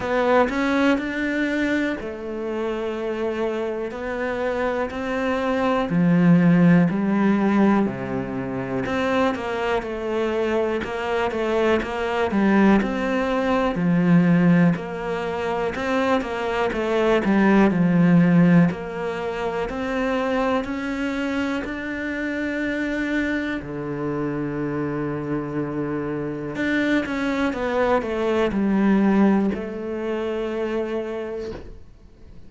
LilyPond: \new Staff \with { instrumentName = "cello" } { \time 4/4 \tempo 4 = 61 b8 cis'8 d'4 a2 | b4 c'4 f4 g4 | c4 c'8 ais8 a4 ais8 a8 | ais8 g8 c'4 f4 ais4 |
c'8 ais8 a8 g8 f4 ais4 | c'4 cis'4 d'2 | d2. d'8 cis'8 | b8 a8 g4 a2 | }